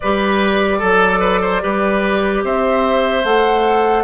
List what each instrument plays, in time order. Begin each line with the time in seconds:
0.00 bassoon G3, clarinet G4, oboe B4, flute D5
0.78 bassoon F#3, oboe A4, clarinet A4
1.20 oboe B4
1.41 oboe C5
1.61 bassoon G3, clarinet G4, oboe B4
2.43 bassoon C4, oboe C5, flute E5
3.24 bassoon A3, clarinet A4, flute F#5